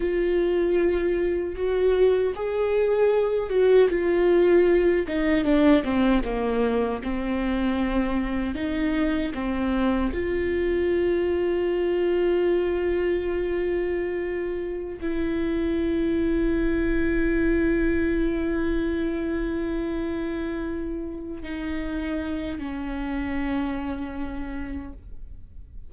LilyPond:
\new Staff \with { instrumentName = "viola" } { \time 4/4 \tempo 4 = 77 f'2 fis'4 gis'4~ | gis'8 fis'8 f'4. dis'8 d'8 c'8 | ais4 c'2 dis'4 | c'4 f'2.~ |
f'2.~ f'16 e'8.~ | e'1~ | e'2.~ e'8 dis'8~ | dis'4 cis'2. | }